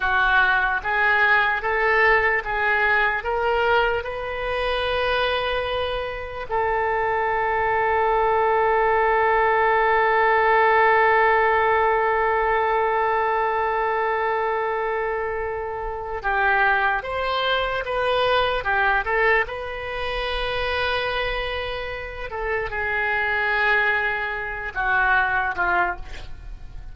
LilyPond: \new Staff \with { instrumentName = "oboe" } { \time 4/4 \tempo 4 = 74 fis'4 gis'4 a'4 gis'4 | ais'4 b'2. | a'1~ | a'1~ |
a'1 | g'4 c''4 b'4 g'8 a'8 | b'2.~ b'8 a'8 | gis'2~ gis'8 fis'4 f'8 | }